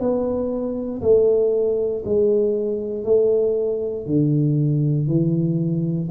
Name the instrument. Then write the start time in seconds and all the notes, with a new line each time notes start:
tuba
0.00 B3
1.02 A3
2.05 G#3
3.05 A3
4.06 D3
5.08 E3